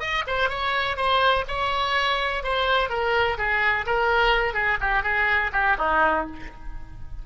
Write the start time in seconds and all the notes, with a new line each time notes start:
0.00 D#5
0.27 C5
0.50 C#5
0.97 C5
1.48 C#5
2.44 C5
2.90 A#4
3.38 G#4
3.86 A#4
4.54 G#4
4.81 G4
5.03 G#4
5.53 G4
5.78 D#4